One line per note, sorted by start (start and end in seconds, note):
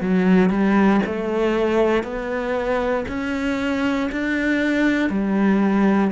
0.00 0.49 F#3
0.49 1.00 G3
1.06 2.03 A3
2.03 3.05 B3
3.08 4.10 C#4
4.11 5.09 D4
5.09 6.11 G3